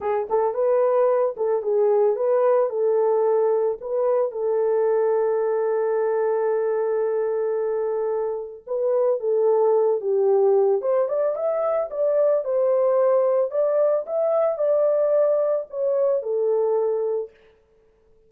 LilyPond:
\new Staff \with { instrumentName = "horn" } { \time 4/4 \tempo 4 = 111 gis'8 a'8 b'4. a'8 gis'4 | b'4 a'2 b'4 | a'1~ | a'1 |
b'4 a'4. g'4. | c''8 d''8 e''4 d''4 c''4~ | c''4 d''4 e''4 d''4~ | d''4 cis''4 a'2 | }